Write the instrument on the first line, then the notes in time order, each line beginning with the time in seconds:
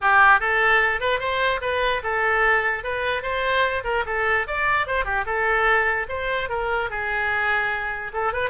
oboe
0.01 G4
0.40 A4
1.00 B4
1.19 C5
1.61 B4
2.03 A4
2.83 B4
3.22 C5
3.84 A#4
4.06 A4
4.47 D5
4.86 C5
5.04 G4
5.26 A4
6.08 C5
6.49 A#4
6.90 G#4
8.13 A4
8.32 B4